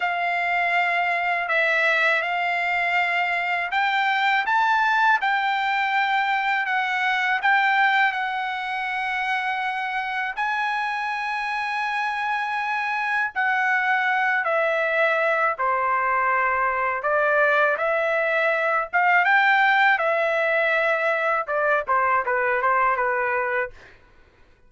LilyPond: \new Staff \with { instrumentName = "trumpet" } { \time 4/4 \tempo 4 = 81 f''2 e''4 f''4~ | f''4 g''4 a''4 g''4~ | g''4 fis''4 g''4 fis''4~ | fis''2 gis''2~ |
gis''2 fis''4. e''8~ | e''4 c''2 d''4 | e''4. f''8 g''4 e''4~ | e''4 d''8 c''8 b'8 c''8 b'4 | }